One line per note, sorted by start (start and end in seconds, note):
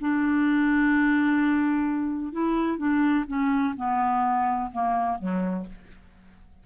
0.00 2.32 D4
2.32 2.77 E4
2.77 3.24 D4
3.27 3.74 C#4
3.76 4.71 B3
4.71 5.18 A#3
5.18 5.66 F#3